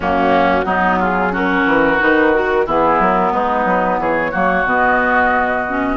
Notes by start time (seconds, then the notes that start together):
0.00 F#2 A#3 C#4 F#4
0.65 F#3 B3 D#4
0.99 F4 G#4
1.31 C#4 F#4 A#4
1.66 E3
1.99 D#3 D#4 B4
2.33 F#4 A#4
2.66 E3 B3 E4 G#4
2.99 F#3 A#4
3.31 G#3 D#4 B4
3.65 F#3
3.98 E3 G#4 C#5
4.31 F#3 A#3 F#4
4.64 B2 B3 D#5
5.68 C#4